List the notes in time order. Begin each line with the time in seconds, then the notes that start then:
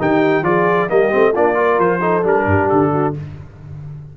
0.00 D#3 D#4 G4 G5
0.43 F3 F4 G#4 D5
0.89 G3 A#3 G4 D#5
1.11 A3 C4
1.33 A#3 D4 F4 D5
1.55 F4 A#4
1.79 F3 C5
2.01 D#4 A4
2.24 G3 D4 A#4
2.46 G2 G4
2.69 D3 A4
2.92 F#4